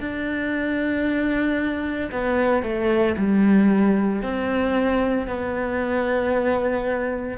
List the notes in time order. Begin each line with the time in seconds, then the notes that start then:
0.00 D4
2.11 B3
2.63 A3
3.17 G3
4.22 C4
5.27 B3